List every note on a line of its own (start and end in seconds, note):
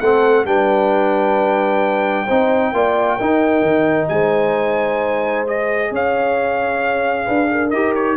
0.00 0.45 A3
0.00 0.46 C4
0.00 0.46 A4
0.00 0.45 F#5
0.45 2.27 G3
0.45 2.27 D4
0.45 2.26 B4
0.45 4.09 G5
2.26 2.73 C4
2.26 2.74 D#4
2.26 2.71 C5
2.73 3.18 A#3
2.73 3.20 F4
2.73 3.17 D5
3.17 3.63 D#4
3.17 5.47 D#4
3.17 4.08 A#4
3.63 4.08 D#3
4.09 5.91 G#3
4.09 5.92 C5
4.09 5.45 G#5
5.47 7.73 G#4
5.47 5.93 D#5
5.91 7.28 C#4
5.91 7.26 C#5
5.91 7.70 F5
7.26 7.73 D4
7.26 7.48 B4
7.51 8.17 A#4
7.70 8.17 D#4
7.70 8.17 G4
7.70 7.93 D#5
7.95 8.17 C#5